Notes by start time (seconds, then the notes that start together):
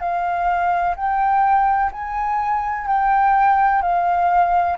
0.00 F5
0.96 G5
1.92 G#5
2.87 G5
3.82 F5